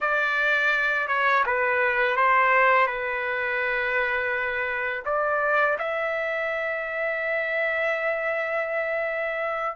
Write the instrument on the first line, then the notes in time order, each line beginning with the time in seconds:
trumpet
0.00 D5
1.07 C#5
1.46 B4
2.16 C5
2.87 B4
5.05 D5
5.78 E5